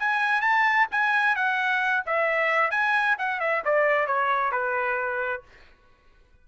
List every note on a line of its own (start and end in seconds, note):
0.00 0.42 G#5
0.42 0.87 A5
0.92 1.36 G#5
1.36 2.04 F#5
2.06 2.71 E5
2.71 3.17 G#5
3.19 3.41 F#5
3.41 3.63 E5
3.65 4.07 D5
4.07 4.52 C#5
4.52 5.43 B4